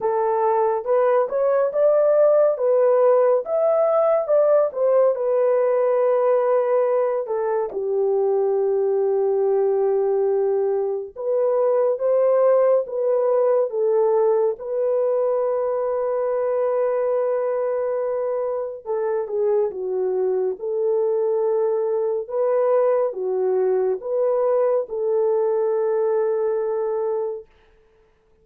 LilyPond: \new Staff \with { instrumentName = "horn" } { \time 4/4 \tempo 4 = 70 a'4 b'8 cis''8 d''4 b'4 | e''4 d''8 c''8 b'2~ | b'8 a'8 g'2.~ | g'4 b'4 c''4 b'4 |
a'4 b'2.~ | b'2 a'8 gis'8 fis'4 | a'2 b'4 fis'4 | b'4 a'2. | }